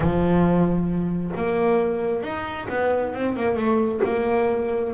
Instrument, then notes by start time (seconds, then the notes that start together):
double bass
0.00 F3
1.36 A#3
2.22 D#4
2.69 B3
3.14 C4
3.36 A#3
3.56 A3
4.03 A#3